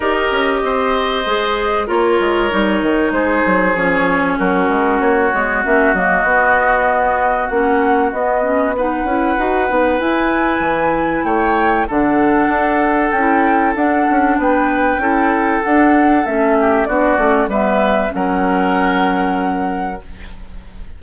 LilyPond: <<
  \new Staff \with { instrumentName = "flute" } { \time 4/4 \tempo 4 = 96 dis''2. cis''4~ | cis''4 c''4 cis''4 ais'4 | cis''4 e''8 dis''2~ dis''8 | fis''4 dis''4 fis''2 |
gis''2 g''4 fis''4~ | fis''4 g''4 fis''4 g''4~ | g''4 fis''4 e''4 d''4 | e''4 fis''2. | }
  \new Staff \with { instrumentName = "oboe" } { \time 4/4 ais'4 c''2 ais'4~ | ais'4 gis'2 fis'4~ | fis'1~ | fis'2 b'2~ |
b'2 cis''4 a'4~ | a'2. b'4 | a'2~ a'8 g'8 fis'4 | b'4 ais'2. | }
  \new Staff \with { instrumentName = "clarinet" } { \time 4/4 g'2 gis'4 f'4 | dis'2 cis'2~ | cis'8 b8 cis'8 ais8 b2 | cis'4 b8 cis'8 dis'8 e'8 fis'8 dis'8 |
e'2. d'4~ | d'4 e'4 d'2 | e'4 d'4 cis'4 d'8 cis'8 | b4 cis'2. | }
  \new Staff \with { instrumentName = "bassoon" } { \time 4/4 dis'8 cis'8 c'4 gis4 ais8 gis8 | g8 dis8 gis8 fis8 f4 fis8 gis8 | ais8 gis8 ais8 fis8 b2 | ais4 b4. cis'8 dis'8 b8 |
e'4 e4 a4 d4 | d'4 cis'4 d'8 cis'8 b4 | cis'4 d'4 a4 b8 a8 | g4 fis2. | }
>>